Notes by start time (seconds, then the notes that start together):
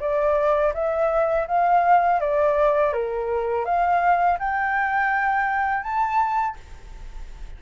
0.00 D5
0.74 E5
1.47 F5
2.20 D5
2.93 A#4
3.65 F5
4.39 G5
5.83 A5